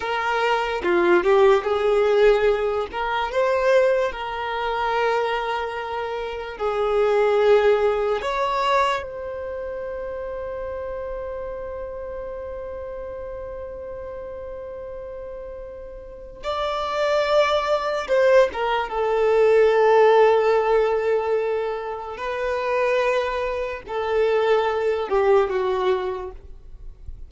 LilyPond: \new Staff \with { instrumentName = "violin" } { \time 4/4 \tempo 4 = 73 ais'4 f'8 g'8 gis'4. ais'8 | c''4 ais'2. | gis'2 cis''4 c''4~ | c''1~ |
c''1 | d''2 c''8 ais'8 a'4~ | a'2. b'4~ | b'4 a'4. g'8 fis'4 | }